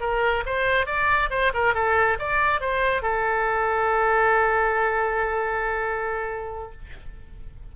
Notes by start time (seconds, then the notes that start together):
0.00 A#4
0.45 C5
0.86 D5
1.30 C5
1.54 A#4
1.74 A4
2.19 D5
2.60 C5
3.02 A4